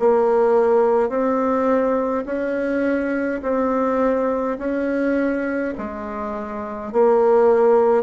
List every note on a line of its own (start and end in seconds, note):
0.00 1.10 A#3
1.10 2.25 C4
2.26 3.41 C#4
3.42 4.58 C4
4.59 5.74 C#4
5.78 6.93 G#3
6.93 8.03 A#3